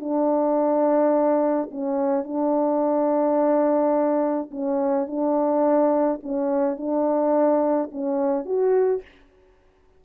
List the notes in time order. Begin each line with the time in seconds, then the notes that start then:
0.00 D4
1.71 C#4
2.24 D4
4.51 C#4
5.07 D4
6.23 C#4
6.77 D4
7.92 C#4
8.45 F#4